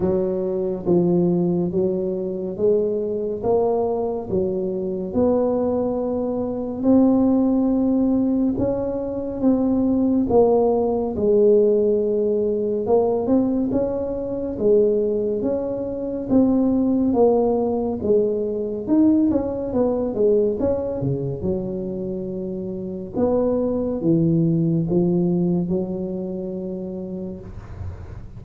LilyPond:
\new Staff \with { instrumentName = "tuba" } { \time 4/4 \tempo 4 = 70 fis4 f4 fis4 gis4 | ais4 fis4 b2 | c'2 cis'4 c'4 | ais4 gis2 ais8 c'8 |
cis'4 gis4 cis'4 c'4 | ais4 gis4 dis'8 cis'8 b8 gis8 | cis'8 cis8 fis2 b4 | e4 f4 fis2 | }